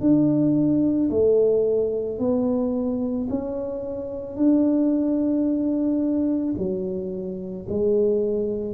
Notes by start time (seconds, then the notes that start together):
0.00 D4
1.10 A3
2.19 B3
3.29 C#4
4.36 D4
6.57 F#3
7.69 G#3